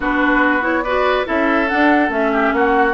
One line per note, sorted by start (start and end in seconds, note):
0.00 1.25 B3
0.00 0.61 D4
0.00 0.84 F#4
0.00 0.64 B4
0.61 0.82 E4
0.61 0.83 C#5
0.83 1.25 F#4
0.83 1.26 B4
0.83 1.25 D5
1.25 1.71 C#4
1.25 1.67 E4
1.25 2.32 A4
1.25 1.68 E5
1.68 2.09 D4
1.68 2.10 F#5
2.09 2.51 A3
2.09 2.93 C#4
2.09 2.54 E5
2.32 2.53 G4
2.52 2.94 A#3
2.52 2.94 F#4
2.52 2.94 F#5